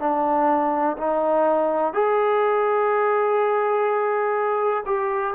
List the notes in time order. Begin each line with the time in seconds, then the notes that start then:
0.00 D4
0.98 D#4
1.94 G#4
4.86 G4